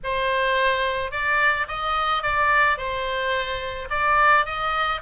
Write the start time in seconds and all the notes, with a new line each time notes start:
0.03 C5
1.11 D5
1.68 D#5
2.22 D5
2.77 C5
3.89 D5
4.45 D#5